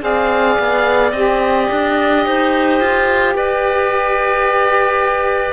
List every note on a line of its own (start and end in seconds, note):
0.00 0.57 C4
0.00 1.11 G#4
0.00 2.25 D5
0.00 1.11 F5
0.59 1.12 B3
1.11 1.67 C4
1.11 5.53 G4
1.11 3.33 D#5
1.71 2.26 D4
2.25 2.80 D#4
2.25 3.35 C5
2.80 3.34 F4
3.34 5.53 G4
3.34 5.53 B4
3.34 5.53 D5